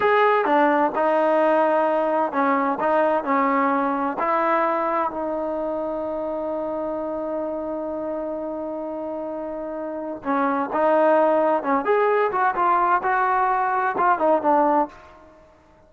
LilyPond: \new Staff \with { instrumentName = "trombone" } { \time 4/4 \tempo 4 = 129 gis'4 d'4 dis'2~ | dis'4 cis'4 dis'4 cis'4~ | cis'4 e'2 dis'4~ | dis'1~ |
dis'1~ | dis'2 cis'4 dis'4~ | dis'4 cis'8 gis'4 fis'8 f'4 | fis'2 f'8 dis'8 d'4 | }